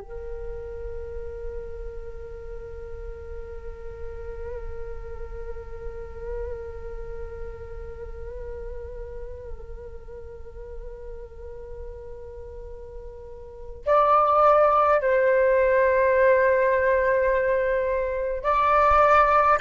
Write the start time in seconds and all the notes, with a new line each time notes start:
0.00 A#4
13.86 D5
15.01 C5
18.43 D5